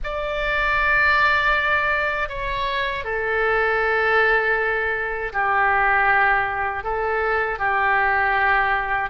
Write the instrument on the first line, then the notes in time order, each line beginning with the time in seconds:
oboe
0.03 D5
2.28 C#5
3.04 A4
5.32 G4
6.83 A4
7.58 G4